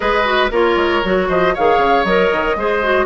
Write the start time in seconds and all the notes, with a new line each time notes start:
0.00 G#3 G#4 B4 D#5
0.24 F#4
0.51 A#3 F4 A#4 C#5
0.76 G#3
1.04 F#3 F#4
1.28 F3 C5 D#5
1.54 D#3 G#4 C#5 F5
1.77 C#3
2.04 F#3 A#4 D#5
2.32 D#3
2.55 G#3 G#4 C5
2.82 F#4